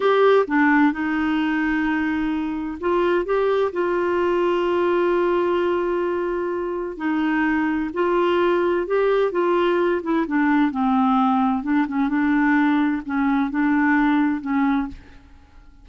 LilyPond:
\new Staff \with { instrumentName = "clarinet" } { \time 4/4 \tempo 4 = 129 g'4 d'4 dis'2~ | dis'2 f'4 g'4 | f'1~ | f'2. dis'4~ |
dis'4 f'2 g'4 | f'4. e'8 d'4 c'4~ | c'4 d'8 cis'8 d'2 | cis'4 d'2 cis'4 | }